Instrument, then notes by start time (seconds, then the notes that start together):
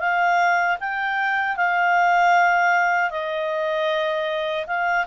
clarinet
0.00 F5
0.80 G5
1.57 F5
3.11 D#5
4.67 F5